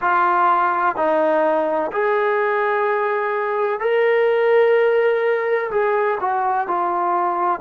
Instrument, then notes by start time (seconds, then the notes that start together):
trombone
0.01 F4
0.96 D#4
1.92 G#4
3.80 A#4
5.70 G#4
6.20 F#4
6.67 F4